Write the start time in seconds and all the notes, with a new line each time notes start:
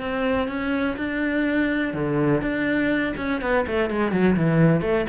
0.00 C4
0.48 C#4
0.97 D4
1.94 D3
2.41 D4
3.17 C#4
3.41 B3
3.67 A3
3.90 G#3
4.12 F#3
4.36 E3
4.81 A3